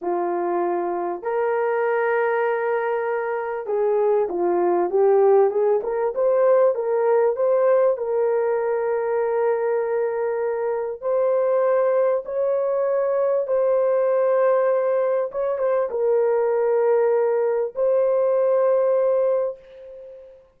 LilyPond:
\new Staff \with { instrumentName = "horn" } { \time 4/4 \tempo 4 = 98 f'2 ais'2~ | ais'2 gis'4 f'4 | g'4 gis'8 ais'8 c''4 ais'4 | c''4 ais'2.~ |
ais'2 c''2 | cis''2 c''2~ | c''4 cis''8 c''8 ais'2~ | ais'4 c''2. | }